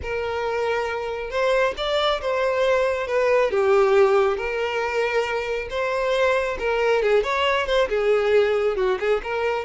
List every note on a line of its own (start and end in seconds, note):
0.02 1.30 A#4
1.30 1.74 C5
1.77 2.21 D5
2.21 3.07 C5
3.07 3.50 B4
3.50 4.37 G4
4.37 5.68 A#4
5.70 6.57 C5
6.59 7.02 A#4
7.02 7.23 G#4
7.23 7.66 C#5
7.66 7.88 C5
7.88 8.76 G#4
8.76 8.98 F#4
8.99 9.21 G#4
9.23 9.64 A#4